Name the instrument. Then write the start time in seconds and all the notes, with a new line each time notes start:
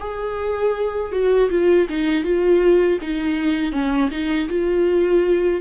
viola
0.00 G#4
1.12 F#4
1.50 F4
1.89 D#4
2.24 F4
3.01 D#4
3.72 C#4
4.11 D#4
4.49 F4